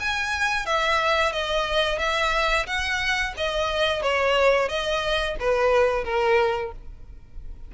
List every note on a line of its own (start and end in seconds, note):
0.00 0.66 G#5
0.66 1.32 E5
1.32 1.99 D#5
1.99 2.66 E5
2.66 3.34 F#5
3.37 4.02 D#5
4.02 4.69 C#5
4.69 5.36 D#5
5.40 6.04 B4
6.04 6.72 A#4